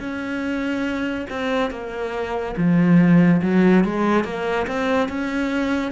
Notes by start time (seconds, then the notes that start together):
0.00 C#4
1.30 C4
1.71 A#3
2.57 F3
3.43 F#3
3.85 G#3
4.24 A#3
4.67 C4
5.09 C#4